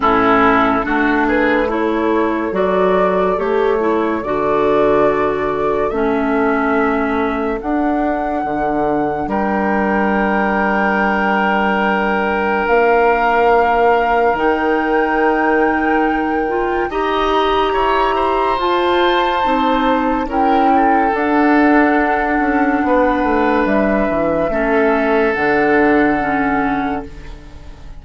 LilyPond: <<
  \new Staff \with { instrumentName = "flute" } { \time 4/4 \tempo 4 = 71 a'4. b'8 cis''4 d''4 | cis''4 d''2 e''4~ | e''4 fis''2 g''4~ | g''2. f''4~ |
f''4 g''2. | ais''2 a''2 | g''4 fis''2. | e''2 fis''2 | }
  \new Staff \with { instrumentName = "oboe" } { \time 4/4 e'4 fis'8 gis'8 a'2~ | a'1~ | a'2. ais'4~ | ais'1~ |
ais'1 | dis''4 cis''8 c''2~ c''8 | ais'8 a'2~ a'8 b'4~ | b'4 a'2. | }
  \new Staff \with { instrumentName = "clarinet" } { \time 4/4 cis'4 d'4 e'4 fis'4 | g'8 e'8 fis'2 cis'4~ | cis'4 d'2.~ | d'1~ |
d'4 dis'2~ dis'8 f'8 | g'2 f'4 dis'4 | e'4 d'2.~ | d'4 cis'4 d'4 cis'4 | }
  \new Staff \with { instrumentName = "bassoon" } { \time 4/4 a,4 a2 fis4 | a4 d2 a4~ | a4 d'4 d4 g4~ | g2. ais4~ |
ais4 dis2. | dis'4 e'4 f'4 c'4 | cis'4 d'4. cis'8 b8 a8 | g8 e8 a4 d2 | }
>>